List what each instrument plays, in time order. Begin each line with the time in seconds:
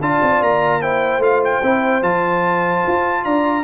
0.00 tuba D4, trombone F4, horn D5, trumpet A5
0.22 tuba C4
0.41 tuba A#3, trumpet A#5
0.81 trombone E4, horn C5, trumpet G5
1.18 tuba A3, trombone F4, trumpet F5
1.44 trumpet G5
1.62 tuba C4, trombone E4
2.02 tuba F3, trombone F4, trumpet A5
2.87 tuba F4
3.24 tuba D4, horn D5, trumpet A#5